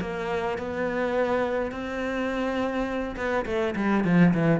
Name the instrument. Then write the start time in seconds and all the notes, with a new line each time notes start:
cello
0.00 A#3
0.58 B3
1.71 C4
3.16 B3
3.46 A3
3.76 G3
4.04 F3
4.34 E3